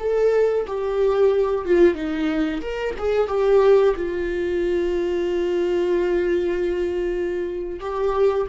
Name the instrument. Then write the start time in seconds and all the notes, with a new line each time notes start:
viola
0.00 A4
0.68 G4
1.66 F4
1.95 D#4
2.62 A#4
2.99 G#4
3.28 G4
3.97 F4
7.81 G4